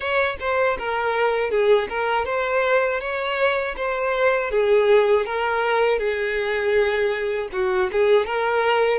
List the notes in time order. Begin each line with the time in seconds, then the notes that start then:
0.00 C#5
0.40 C5
0.78 A#4
1.50 G#4
1.89 A#4
2.25 C5
3.00 C#5
3.76 C5
4.50 G#4
5.25 A#4
5.98 G#4
7.52 F#4
7.92 G#4
8.26 A#4